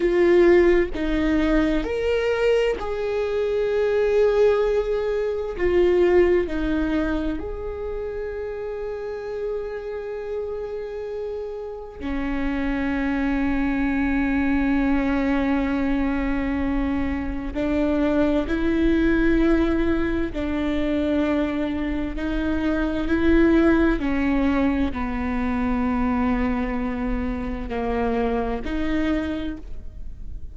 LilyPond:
\new Staff \with { instrumentName = "viola" } { \time 4/4 \tempo 4 = 65 f'4 dis'4 ais'4 gis'4~ | gis'2 f'4 dis'4 | gis'1~ | gis'4 cis'2.~ |
cis'2. d'4 | e'2 d'2 | dis'4 e'4 cis'4 b4~ | b2 ais4 dis'4 | }